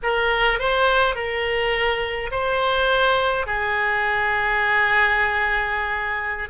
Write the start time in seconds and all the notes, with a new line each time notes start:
0.03 A#4
0.59 C5
1.15 A#4
2.31 C5
3.46 G#4